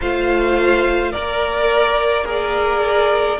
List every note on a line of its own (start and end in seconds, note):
0.00 1.14 A3
0.00 1.14 F4
0.00 1.11 C5
0.00 1.12 F5
1.11 3.39 A#3
1.11 2.25 A#4
1.11 2.24 A#4
1.11 2.24 D5
2.24 3.37 G#4
2.24 3.37 A#4
2.24 3.39 D5